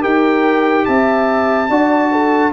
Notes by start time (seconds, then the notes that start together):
0.00 D#4 G4 A#4 G5
0.85 C4 E5 A5
1.69 D4 F#4 D5
2.11 A4